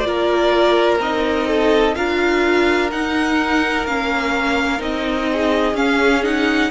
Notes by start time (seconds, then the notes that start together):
0.00 A#3 F4 D5
0.06 A#4
0.99 C4 D#4 D#5
1.47 A4
1.94 D4 F4 A#4 F5
2.91 D#4 F#5
3.85 A#3 C#4 F5
4.78 C4 D#4 D#5
5.31 G#4
5.73 C#4 F5
6.23 D#4 F#5